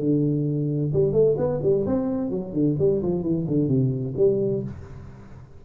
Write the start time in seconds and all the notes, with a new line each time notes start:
0.00 D3
0.93 G3
1.13 A3
1.38 B3
1.63 G3
1.87 C4
2.31 F#3
2.53 D3
2.79 G3
3.03 F3
3.23 E3
3.48 D3
3.68 C3
4.17 G3